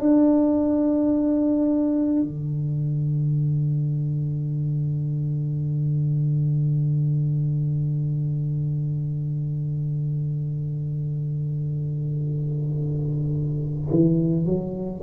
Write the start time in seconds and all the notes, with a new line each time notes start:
0.00 D4
2.22 D3
13.91 E3
14.46 F#3